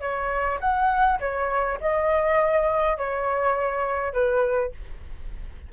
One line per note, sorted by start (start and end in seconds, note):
0.00 0.59 C#5
0.60 1.19 F#5
1.20 1.78 C#5
1.80 2.97 D#5
2.97 4.13 C#5
4.13 4.72 B4